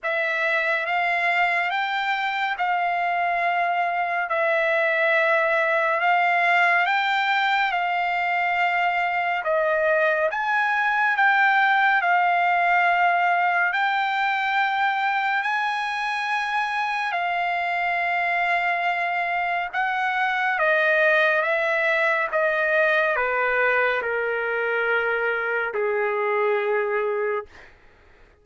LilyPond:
\new Staff \with { instrumentName = "trumpet" } { \time 4/4 \tempo 4 = 70 e''4 f''4 g''4 f''4~ | f''4 e''2 f''4 | g''4 f''2 dis''4 | gis''4 g''4 f''2 |
g''2 gis''2 | f''2. fis''4 | dis''4 e''4 dis''4 b'4 | ais'2 gis'2 | }